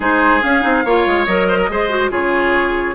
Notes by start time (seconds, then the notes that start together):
0.00 G#3 D#4 G#4 C5
0.42 C#4 F5
0.61 C4 D#4
0.84 A#3 F4 C#5
1.06 G#3
1.25 F#3 A#4 D#5
1.48 C5
1.58 A#4
1.69 G#3 G#4 C5
1.89 F#4
2.10 C#3 F4 G#4 C#5